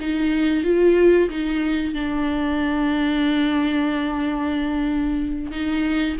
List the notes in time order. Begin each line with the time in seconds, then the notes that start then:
0.00 D#4
0.63 F4
1.29 D#4
1.94 D4
5.51 D#4